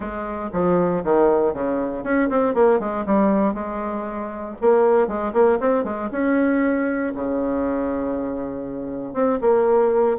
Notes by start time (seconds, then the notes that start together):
0.00 G#3
0.52 F3
1.04 D#3
1.53 C#3
2.03 C#4
2.29 C4
2.54 A#3
2.79 G#3
3.05 G3
3.54 G#3
4.61 A#3
5.07 G#3
5.33 A#3
5.60 C4
5.84 G#3
6.11 C#4
7.14 C#3
9.13 C4
9.41 A#3